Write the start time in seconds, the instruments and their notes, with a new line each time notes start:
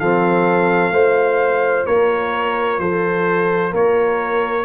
0.00 tuba F3, trombone C4, horn A4, trumpet F5
0.91 tuba A3, trombone F4, horn C5
1.87 tuba A#3, horn A#4, trumpet C#5
2.79 tuba F3, horn A4, trumpet C5
3.72 tuba A#3, horn A#4, trumpet C#5